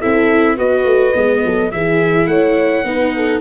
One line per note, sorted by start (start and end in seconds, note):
0.00 0.58 C4
0.00 0.57 E4
0.00 0.57 A4
0.00 0.57 E5
0.57 0.85 B3
0.57 1.14 F#4
0.57 1.43 B4
0.57 1.72 D#5
0.85 1.13 A3
1.14 1.44 G#3
1.14 1.70 B3
1.45 1.72 F#3
1.45 1.72 A4
1.72 2.27 E3
1.72 2.85 E4
1.72 2.29 G#4
1.72 2.27 E5
2.27 2.83 A3
2.27 2.86 C#5
2.27 3.40 F#5
2.84 3.41 B3
2.84 3.41 D#4
2.84 3.16 B4
3.16 3.41 A4